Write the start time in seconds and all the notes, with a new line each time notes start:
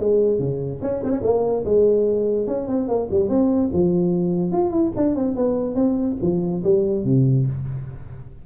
0.00 G#3
0.40 C#3
0.82 C#4
1.05 C4
1.11 C#4
1.24 A#3
1.66 G#3
2.48 C#4
2.68 C4
2.89 A#3
3.11 G3
3.29 C4
3.74 F3
4.53 F4
4.71 E4
4.97 D4
5.16 C4
5.36 B3
5.76 C4
6.22 F3
6.64 G3
7.05 C3